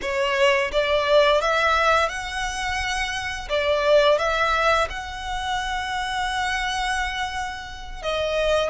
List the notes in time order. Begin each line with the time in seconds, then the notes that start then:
0.01 C#5
0.72 D5
1.41 E5
2.09 F#5
3.49 D5
4.18 E5
4.89 F#5
8.02 D#5